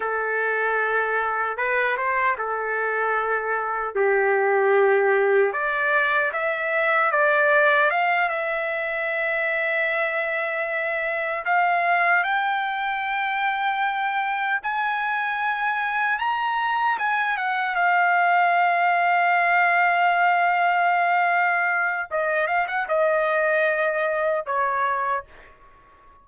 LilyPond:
\new Staff \with { instrumentName = "trumpet" } { \time 4/4 \tempo 4 = 76 a'2 b'8 c''8 a'4~ | a'4 g'2 d''4 | e''4 d''4 f''8 e''4.~ | e''2~ e''8 f''4 g''8~ |
g''2~ g''8 gis''4.~ | gis''8 ais''4 gis''8 fis''8 f''4.~ | f''1 | dis''8 f''16 fis''16 dis''2 cis''4 | }